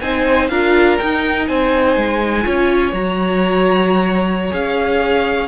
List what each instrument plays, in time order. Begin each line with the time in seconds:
0.00 cello C4, viola D#4, violin C5 G#5
0.48 cello D4, viola F4, violin A#4 F5
0.98 viola D#4, cello D#4, violin G5
1.47 cello C4, violin C5 G#5
1.96 cello G#3
2.42 cello C#4, viola F4, violin C#5
2.92 cello F#3, viola F#4, violin A#5
4.50 cello C#4, viola G#4, violin F5